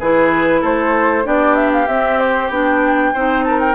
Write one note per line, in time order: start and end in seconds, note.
0.00 0.63 E3
0.00 1.24 E4
0.00 0.61 G#4
0.00 0.63 B4
0.61 1.25 A3
0.61 1.24 A4
0.61 1.27 C5
1.24 1.88 B3
1.24 1.87 D4
1.24 3.14 G4
1.24 1.55 D5
1.55 1.71 E5
1.73 1.88 F5
1.88 2.50 C4
1.88 2.52 C4
1.88 2.19 E5
2.19 2.50 C5
2.50 3.12 B3
2.50 3.14 D4
2.50 3.44 G5
3.14 3.76 C4
3.14 3.76 D#4
3.14 3.45 C5
3.44 3.76 A#4
3.44 3.60 A5
3.60 3.76 G5